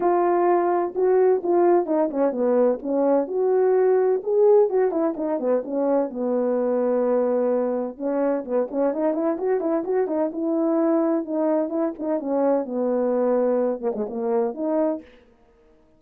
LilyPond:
\new Staff \with { instrumentName = "horn" } { \time 4/4 \tempo 4 = 128 f'2 fis'4 f'4 | dis'8 cis'8 b4 cis'4 fis'4~ | fis'4 gis'4 fis'8 e'8 dis'8 b8 | cis'4 b2.~ |
b4 cis'4 b8 cis'8 dis'8 e'8 | fis'8 e'8 fis'8 dis'8 e'2 | dis'4 e'8 dis'8 cis'4 b4~ | b4. ais16 gis16 ais4 dis'4 | }